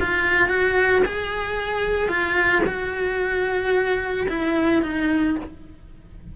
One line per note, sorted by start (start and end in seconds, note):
0.00 0.49 F4
0.49 1.03 F#4
1.05 2.09 G#4
2.09 2.62 F4
2.66 4.27 F#4
4.29 4.82 E4
4.83 5.36 D#4